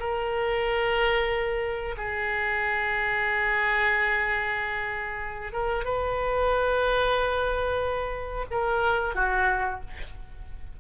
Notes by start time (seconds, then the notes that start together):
0.00 A#4
1.97 G#4
5.53 A#4
5.85 B4
8.51 A#4
9.15 F#4